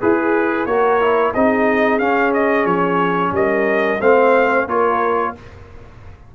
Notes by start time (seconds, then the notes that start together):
0.00 E4 G#4 B4
0.65 A#3 F#4 A#4 C#5
1.00 E4
1.33 C4 D#4 G#4 D#5
1.98 C#4 F5
2.33 D#5
2.65 F3 C#5
3.32 G3 A#4 D#5
4.00 A3 C4 C5 F5
4.66 A#3 F4 A#4 C#5